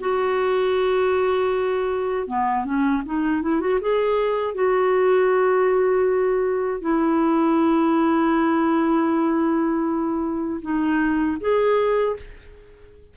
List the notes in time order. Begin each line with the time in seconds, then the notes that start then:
0.00 F#4
2.28 B3
2.65 C#4
3.06 D#4
3.42 E4
3.60 F#4
3.81 G#4
4.54 F#4
6.81 E4
10.62 D#4
11.41 G#4